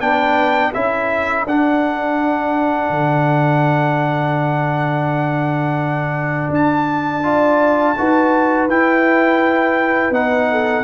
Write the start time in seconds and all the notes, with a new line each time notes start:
0.00 B3 D4 B4 G5
0.71 C#4 E4 A4 E5
1.45 D4 F#5
2.90 D3
6.49 D4 A5
7.23 F4 D5
7.97 D#4 F#4 B4
8.68 E4 G5
10.10 B3 D#4 F#5
10.51 A4